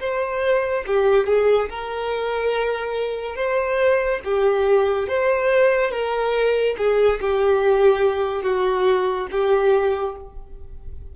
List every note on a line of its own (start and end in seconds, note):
0.00 0.85 C5
0.87 1.27 G4
1.27 1.69 G#4
1.69 3.36 A#4
3.36 4.20 C5
4.24 5.08 G4
5.08 5.91 C5
5.91 6.75 A#4
6.78 7.20 G#4
7.21 8.43 G4
8.43 9.27 F#4
9.31 10.16 G4